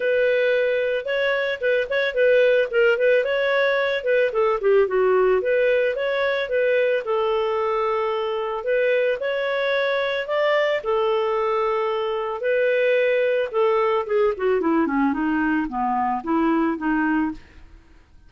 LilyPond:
\new Staff \with { instrumentName = "clarinet" } { \time 4/4 \tempo 4 = 111 b'2 cis''4 b'8 cis''8 | b'4 ais'8 b'8 cis''4. b'8 | a'8 g'8 fis'4 b'4 cis''4 | b'4 a'2. |
b'4 cis''2 d''4 | a'2. b'4~ | b'4 a'4 gis'8 fis'8 e'8 cis'8 | dis'4 b4 e'4 dis'4 | }